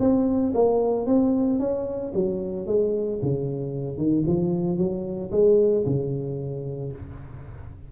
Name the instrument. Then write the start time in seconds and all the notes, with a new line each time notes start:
tuba
0.00 C4
0.55 A#3
1.07 C4
1.60 C#4
2.14 F#3
2.67 G#3
3.22 C#3
3.98 D#3
4.27 F3
4.78 F#3
5.32 G#3
5.86 C#3